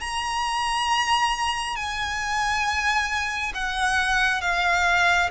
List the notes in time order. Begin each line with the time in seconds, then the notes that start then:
0.00 A#5
1.76 G#5
3.54 F#5
4.41 F5